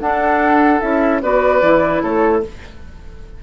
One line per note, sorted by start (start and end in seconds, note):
0.00 0.80 D4
0.00 0.81 D4
0.00 1.22 A4
0.00 0.80 F#5
0.80 1.22 C#4
0.80 1.21 E4
0.80 1.21 E5
1.22 1.61 B3
1.22 1.61 F#4
1.22 2.02 B4
1.22 2.02 D5
1.61 2.02 E3
1.61 2.42 E4
2.02 2.43 A3
2.02 2.43 A4
2.02 2.42 C#5